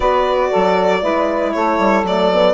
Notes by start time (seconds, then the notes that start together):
0.00 B3 F#4 B4 D5
0.50 F#3 A4
1.02 G#3 E4 B4
1.53 A3 A4 C#5
1.78 G3
2.03 F#3 A3 D5
2.33 B3